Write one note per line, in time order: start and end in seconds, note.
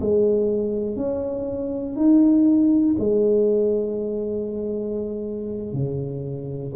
0.00 0.96 G#3
0.96 1.96 C#4
1.96 2.96 D#4
2.99 5.73 G#3
5.73 6.73 C#3